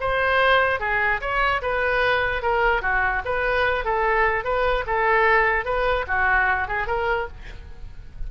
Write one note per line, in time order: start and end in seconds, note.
0.00 0.80 C5
0.80 1.21 G#4
1.21 1.61 C#5
1.62 2.42 B4
2.42 2.82 A#4
2.82 3.22 F#4
3.25 3.84 B4
3.84 4.44 A4
4.44 4.84 B4
4.86 5.65 A4
5.65 6.06 B4
6.07 6.68 F#4
6.68 6.87 G#4
6.87 7.27 A#4